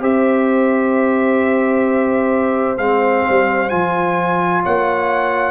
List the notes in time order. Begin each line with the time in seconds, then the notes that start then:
0.00 C4 G4 C5 E5
2.77 G#3 C4 F5
3.28 G3
3.69 F3 F4 G#5
4.62 A#3 C#5 F#5